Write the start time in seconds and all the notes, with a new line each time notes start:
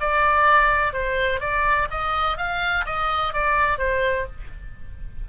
0.00 D5
0.93 C5
1.40 D5
1.90 D#5
2.37 F5
2.86 D#5
3.33 D5
3.78 C5